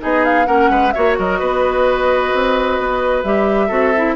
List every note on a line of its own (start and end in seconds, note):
0.00 0.47 B3
0.00 0.46 D#4
0.00 0.47 G#4
0.00 0.25 D#5
0.25 0.47 F5
0.47 0.70 A#3
0.47 0.93 C#4
0.47 0.71 A#4
0.47 0.92 F#5
0.70 0.94 G#3
0.70 0.94 B4
0.92 1.19 A#3
0.92 3.25 F#4
0.92 1.18 C#5
0.92 1.16 E5
1.19 1.41 F#3
1.19 1.40 A#4
1.19 3.24 D#5
1.40 2.33 B3
1.40 3.68 B4
2.34 2.80 C4
2.80 3.24 B3
3.24 3.70 G3
3.24 3.70 G4
3.24 4.16 E5
3.68 4.16 C4
3.68 3.93 F#4
3.68 4.15 A4
3.97 4.16 E4